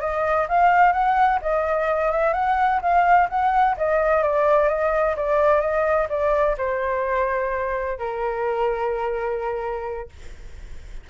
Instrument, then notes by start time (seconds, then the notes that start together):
flute
0.00 D#5
0.48 F5
0.92 F#5
1.41 D#5
2.11 E5
2.33 F#5
2.81 F5
3.29 F#5
3.77 D#5
4.22 D5
4.68 D#5
5.16 D5
5.60 D#5
6.09 D5
6.57 C5
7.98 A#4